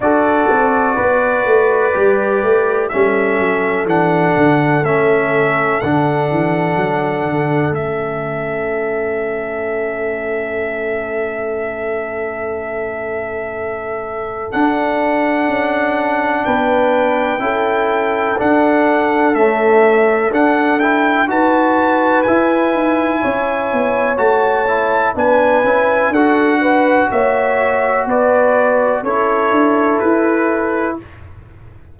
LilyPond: <<
  \new Staff \with { instrumentName = "trumpet" } { \time 4/4 \tempo 4 = 62 d''2. e''4 | fis''4 e''4 fis''2 | e''1~ | e''2. fis''4~ |
fis''4 g''2 fis''4 | e''4 fis''8 g''8 a''4 gis''4~ | gis''4 a''4 gis''4 fis''4 | e''4 d''4 cis''4 b'4 | }
  \new Staff \with { instrumentName = "horn" } { \time 4/4 a'4 b'2 a'4~ | a'1~ | a'1~ | a'1~ |
a'4 b'4 a'2~ | a'2 b'2 | cis''2 b'4 a'8 b'8 | cis''4 b'4 a'2 | }
  \new Staff \with { instrumentName = "trombone" } { \time 4/4 fis'2 g'4 cis'4 | d'4 cis'4 d'2 | cis'1~ | cis'2. d'4~ |
d'2 e'4 d'4 | a4 d'8 e'8 fis'4 e'4~ | e'4 fis'8 e'8 d'8 e'8 fis'4~ | fis'2 e'2 | }
  \new Staff \with { instrumentName = "tuba" } { \time 4/4 d'8 c'8 b8 a8 g8 a8 g8 fis8 | e8 d8 a4 d8 e8 fis8 d8 | a1~ | a2. d'4 |
cis'4 b4 cis'4 d'4 | cis'4 d'4 dis'4 e'8 dis'8 | cis'8 b8 a4 b8 cis'8 d'4 | ais4 b4 cis'8 d'8 e'4 | }
>>